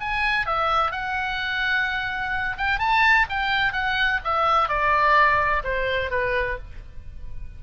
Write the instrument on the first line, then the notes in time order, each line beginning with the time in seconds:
oboe
0.00 G#5
0.46 E5
0.91 F#5
2.57 G5
2.79 A5
3.29 G5
3.73 F#5
4.24 E5
4.69 D5
5.63 C5
6.11 B4